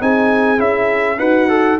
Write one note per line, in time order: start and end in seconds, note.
0.00 0.59 C4
0.00 0.58 D#4
0.00 1.19 G#4
0.00 0.60 G#5
0.58 1.19 C#4
0.58 1.18 E4
0.58 1.19 E5
1.18 1.79 D#4
1.18 1.79 F#4
1.18 1.48 B4
1.18 1.79 F#5
1.49 1.79 A4